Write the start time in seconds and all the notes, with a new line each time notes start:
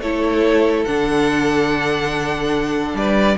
0.00 A3 E4 A4 C#5
0.85 D3 D4 F#5
2.94 G3 B4 D5